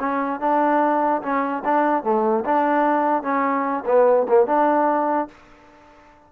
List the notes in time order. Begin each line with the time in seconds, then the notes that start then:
0.00 C#4
0.41 D4
1.23 C#4
1.65 D4
2.04 A3
2.46 D4
3.23 C#4
3.86 B3
4.29 A#3
4.47 D4